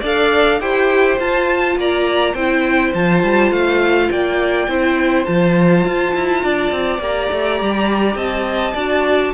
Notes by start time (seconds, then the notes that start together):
0.00 D4 A4 D5 F5
0.60 E4 G4 C5 G5
1.19 F4 A5
1.76 A#3 D5 A#5
2.34 C4 E4 C5 G5
2.94 F3 F4 A5
3.23 G3
3.51 A3 F5
4.11 A#3 D5 G5
4.67 C4 E4 C5
5.25 F3 F4 A5
5.84 F4
6.14 E4
6.43 D4 D5
6.71 C4
6.98 A#3 G4 A#5
7.32 A3
7.61 G3
8.15 C4 D#5 A5
8.74 D4 F#4 D5